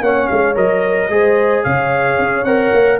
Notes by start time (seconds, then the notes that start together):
0.00 A#3 C#4 C#5 F#5
0.27 G#3 F5
0.54 F#3 A#4 D#5
1.09 G#3 G#4 C5
1.63 C#3 C#5 F5
2.18 C#4
2.44 C4 A#4 F#5
2.73 A#3